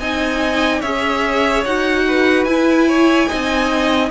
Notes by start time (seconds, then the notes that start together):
0.00 C4 D#4 D#5 G#5
0.80 C#4 G#4 C#5 E5
1.65 D#4 F#4 F#5
2.08 B4
2.45 E4 G#5
2.88 C#5
3.28 C4 D#4 D#5